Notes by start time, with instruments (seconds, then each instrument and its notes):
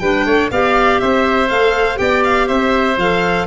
0.00 tuba G3, clarinet D4, oboe B4, violin G5
0.26 tuba A3, oboe C#5
0.51 tuba B3, clarinet G4, oboe D5, violin F5
1.01 tuba C4, oboe C5, violin E5
1.48 tuba A3, clarinet A4, violin F5
1.96 tuba B3, clarinet G4, oboe D5, violin G5
2.24 violin F5
2.48 tuba C4, oboe C5, violin E5
2.98 tuba F3, clarinet A4, violin F5